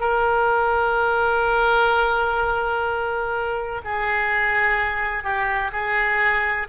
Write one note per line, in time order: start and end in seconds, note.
0.00 3.81 A#4
3.84 5.23 G#4
5.23 5.71 G4
5.72 6.68 G#4